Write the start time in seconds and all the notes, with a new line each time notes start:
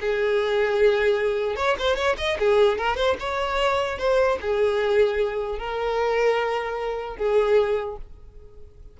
0.00 G#4
1.56 C#5
1.79 C5
1.96 C#5
2.17 D#5
2.39 G#4
2.78 A#4
2.96 C5
3.19 C#5
3.98 C5
4.41 G#4
5.58 A#4
7.17 G#4